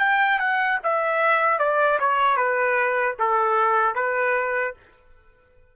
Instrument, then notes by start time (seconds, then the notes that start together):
trumpet
0.00 G5
0.39 F#5
0.84 E5
1.60 D5
2.00 C#5
2.37 B4
3.19 A4
3.95 B4